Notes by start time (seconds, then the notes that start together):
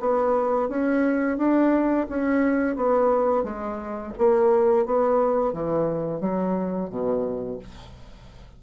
0.00 B3
0.69 C#4
1.38 D4
2.09 C#4
2.76 B3
3.44 G#3
4.18 A#3
4.86 B3
5.53 E3
6.20 F#3
6.90 B2